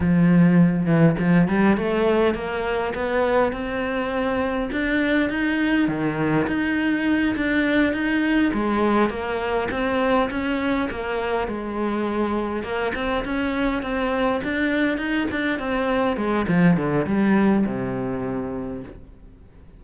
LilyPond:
\new Staff \with { instrumentName = "cello" } { \time 4/4 \tempo 4 = 102 f4. e8 f8 g8 a4 | ais4 b4 c'2 | d'4 dis'4 dis4 dis'4~ | dis'8 d'4 dis'4 gis4 ais8~ |
ais8 c'4 cis'4 ais4 gis8~ | gis4. ais8 c'8 cis'4 c'8~ | c'8 d'4 dis'8 d'8 c'4 gis8 | f8 d8 g4 c2 | }